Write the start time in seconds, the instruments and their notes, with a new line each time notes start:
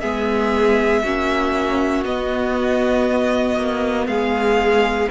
0.00 cello G#3, viola B3, violin G#4 E5
1.03 cello A#3, viola C#4, violin F#4
2.04 cello B3, viola B3, violin D#5
3.56 cello A#3
4.07 cello G#3, violin G#4 F5